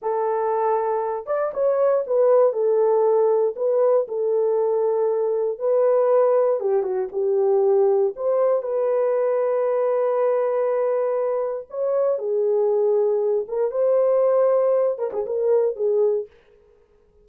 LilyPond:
\new Staff \with { instrumentName = "horn" } { \time 4/4 \tempo 4 = 118 a'2~ a'8 d''8 cis''4 | b'4 a'2 b'4 | a'2. b'4~ | b'4 g'8 fis'8 g'2 |
c''4 b'2.~ | b'2. cis''4 | gis'2~ gis'8 ais'8 c''4~ | c''4. ais'16 gis'16 ais'4 gis'4 | }